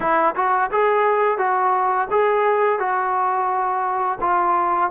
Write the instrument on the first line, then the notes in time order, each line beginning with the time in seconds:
trombone
0.00 E4
0.35 F#4
0.71 G#4
1.38 F#4
2.11 G#4
2.79 F#4
4.21 F4